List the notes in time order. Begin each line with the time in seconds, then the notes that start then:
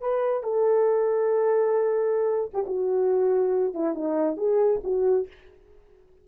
0.00 B4
0.43 A4
2.53 G4
2.66 F#4
3.74 E4
3.94 D#4
4.37 G#4
4.83 F#4